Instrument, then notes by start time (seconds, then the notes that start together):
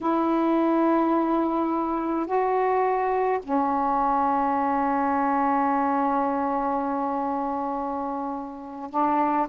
saxophone
0.00 E4
2.26 F#4
3.42 C#4
8.90 D4